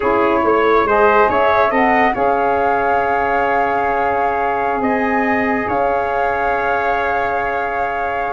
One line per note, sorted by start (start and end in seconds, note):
0.00 0.43 C#4
0.00 0.87 E4
0.00 0.41 G#4
0.00 0.83 C#5
0.43 0.84 A3
0.43 0.87 C#5
0.84 1.27 G#3
0.84 1.68 G#4
0.84 1.29 C5
0.84 1.30 D#5
1.28 1.70 C#4
1.28 1.71 C#5
1.28 1.73 E5
1.68 2.13 C4
1.68 2.11 A4
1.68 2.13 D#5
1.68 2.15 F#5
2.14 4.80 C#4
2.14 8.32 G#4
2.14 4.82 C#5
2.14 4.83 F5
4.80 5.66 C4
4.80 5.67 D#5
4.80 5.69 G#5
5.67 8.32 C#4
5.67 8.32 C#5
5.67 8.32 F5